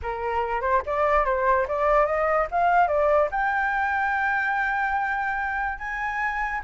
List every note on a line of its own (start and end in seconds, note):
0.02 0.61 A#4
0.61 0.82 C5
0.85 1.25 D5
1.25 1.66 C5
1.68 2.05 D5
2.05 2.47 D#5
2.51 2.87 F5
2.87 3.29 D5
3.31 5.78 G5
5.78 6.61 G#5